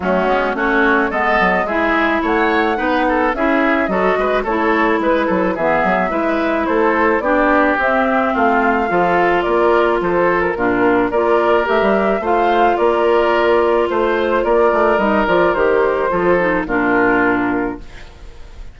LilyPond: <<
  \new Staff \with { instrumentName = "flute" } { \time 4/4 \tempo 4 = 108 fis'4 cis''4 dis''4 e''4 | fis''2 e''4 dis''4 | cis''4 b'4 e''2 | c''4 d''4 e''4 f''4~ |
f''4 d''4 c''8. ais'4~ ais'16 | d''4 e''4 f''4 d''4~ | d''4 c''4 d''4 dis''8 d''8 | c''2 ais'2 | }
  \new Staff \with { instrumentName = "oboe" } { \time 4/4 cis'4 fis'4 a'4 gis'4 | cis''4 b'8 a'8 gis'4 a'8 b'8 | a'4 b'8 a'8 gis'4 b'4 | a'4 g'2 f'4 |
a'4 ais'4 a'4 f'4 | ais'2 c''4 ais'4~ | ais'4 c''4 ais'2~ | ais'4 a'4 f'2 | }
  \new Staff \with { instrumentName = "clarinet" } { \time 4/4 a8 b8 cis'4 b4 e'4~ | e'4 dis'4 e'4 fis'4 | e'2 b4 e'4~ | e'4 d'4 c'2 |
f'2. d'4 | f'4 g'4 f'2~ | f'2. dis'8 f'8 | g'4 f'8 dis'8 d'2 | }
  \new Staff \with { instrumentName = "bassoon" } { \time 4/4 fis8 gis8 a4 gis8 fis8 gis4 | a4 b4 cis'4 fis8 gis8 | a4 gis8 fis8 e8 fis8 gis4 | a4 b4 c'4 a4 |
f4 ais4 f4 ais,4 | ais4 a16 g8. a4 ais4~ | ais4 a4 ais8 a8 g8 f8 | dis4 f4 ais,2 | }
>>